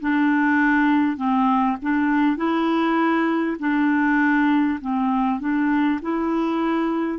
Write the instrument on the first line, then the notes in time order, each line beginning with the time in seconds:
clarinet
0.00 D4
1.16 C4
1.82 D4
2.37 E4
3.59 D4
4.81 C4
5.39 D4
6.02 E4